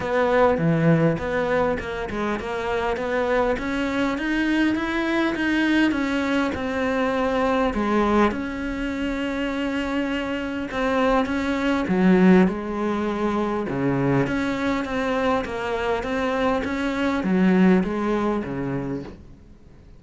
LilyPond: \new Staff \with { instrumentName = "cello" } { \time 4/4 \tempo 4 = 101 b4 e4 b4 ais8 gis8 | ais4 b4 cis'4 dis'4 | e'4 dis'4 cis'4 c'4~ | c'4 gis4 cis'2~ |
cis'2 c'4 cis'4 | fis4 gis2 cis4 | cis'4 c'4 ais4 c'4 | cis'4 fis4 gis4 cis4 | }